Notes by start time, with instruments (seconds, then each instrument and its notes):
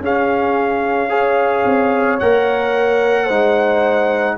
0.00 tuba C#4, trombone C#4, horn G#4, trumpet F5
1.09 trombone G#4, horn C#5
1.65 tuba C4
2.19 tuba A#3, trombone A#4, trumpet F#5
3.25 tuba G#3, trombone D#4, horn C5